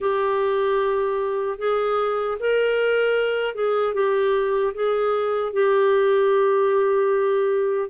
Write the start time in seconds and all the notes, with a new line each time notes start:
0.00 G4
1.58 G#4
2.39 A#4
3.55 G#4
3.94 G4
4.74 G#4
5.52 G4